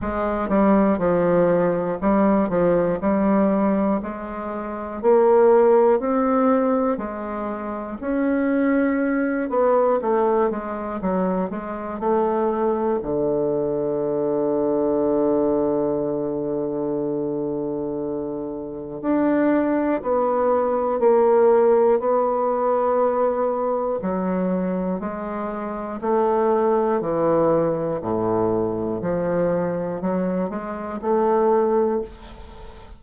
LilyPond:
\new Staff \with { instrumentName = "bassoon" } { \time 4/4 \tempo 4 = 60 gis8 g8 f4 g8 f8 g4 | gis4 ais4 c'4 gis4 | cis'4. b8 a8 gis8 fis8 gis8 | a4 d2.~ |
d2. d'4 | b4 ais4 b2 | fis4 gis4 a4 e4 | a,4 f4 fis8 gis8 a4 | }